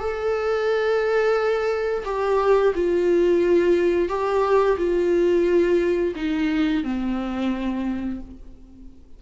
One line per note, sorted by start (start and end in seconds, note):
0.00 2.05 A4
2.05 2.73 G4
2.75 4.09 F4
4.09 4.77 G4
4.78 6.15 F4
6.16 6.84 D#4
6.84 8.21 C4